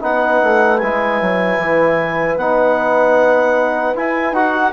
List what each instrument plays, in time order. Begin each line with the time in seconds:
0.00 bassoon B3, trombone D#4, horn B4, clarinet F#5
0.43 bassoon A3
0.78 bassoon G#3, trombone E4, clarinet G#5
1.21 bassoon F#3
1.57 bassoon E3
2.36 bassoon B3, trombone D#4, clarinet F#5
3.95 trombone E4, bassoon E4, clarinet G#5
4.32 bassoon D#4, trombone F#4, clarinet F#5